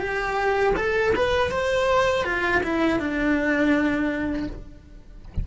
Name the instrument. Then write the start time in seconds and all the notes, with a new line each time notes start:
cello
0.00 G4
0.77 A4
1.16 B4
1.52 C5
2.25 F4
2.64 E4
3.00 D4